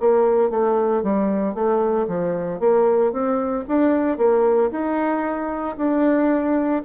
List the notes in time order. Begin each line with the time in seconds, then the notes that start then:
0.00 A#3
0.50 A3
1.03 G3
1.55 A3
2.08 F3
2.60 A#3
3.12 C4
3.68 D4
4.18 A#3
4.72 D#4
5.78 D4